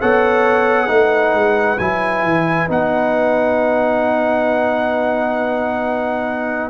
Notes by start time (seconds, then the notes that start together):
0.00 B3 A4 C#5 F#5
0.87 A3 D#4 B4
1.34 G#3
1.78 F#3 E4 G#5
2.23 E3
2.68 B3 D#4 F#5